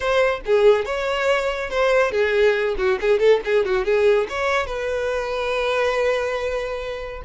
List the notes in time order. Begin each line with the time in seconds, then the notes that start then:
0.00 C5
0.45 G#4
0.85 C#5
1.69 C5
2.11 G#4
2.77 F#4
3.01 G#4
3.19 A4
3.44 G#4
3.65 F#4
3.84 G#4
4.29 C#5
4.66 B4